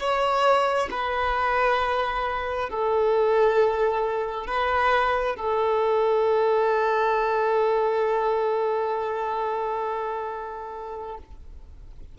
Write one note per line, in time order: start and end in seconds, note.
0.00 0.90 C#5
0.91 2.70 B4
2.70 4.47 A4
4.47 5.36 B4
5.36 11.19 A4